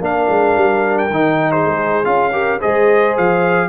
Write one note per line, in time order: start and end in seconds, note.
0.00 0.27 A#3
0.00 1.10 D4
0.00 1.51 A#4
0.00 0.98 F5
0.29 0.56 G#3
0.56 1.11 G3
0.98 1.52 G5
1.11 1.65 D#3
1.11 2.04 D#4
1.51 2.33 G#4
1.51 2.05 C5
1.66 2.06 G#3
2.04 2.60 C#4
2.04 2.31 F4
2.04 2.60 F5
2.32 2.60 G4
2.32 2.59 A#4
2.59 3.18 G#3
2.59 3.69 G#4
2.59 3.68 C5
2.59 3.16 D#5
3.17 3.69 F3
3.17 3.69 F5